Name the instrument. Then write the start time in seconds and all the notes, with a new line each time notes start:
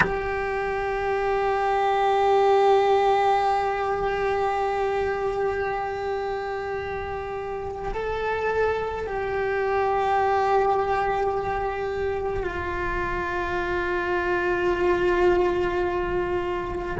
cello
0.00 G4
7.93 A4
9.06 G4
12.43 F4